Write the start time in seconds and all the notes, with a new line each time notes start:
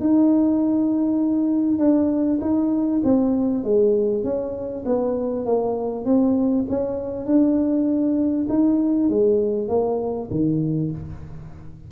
0.00 D#4
1.78 D4
2.40 D#4
3.03 C4
3.63 G#3
4.23 C#4
4.85 B3
5.45 A#3
6.04 C4
6.69 C#4
7.25 D4
8.49 D#4
9.09 G#3
9.68 A#3
10.30 D#3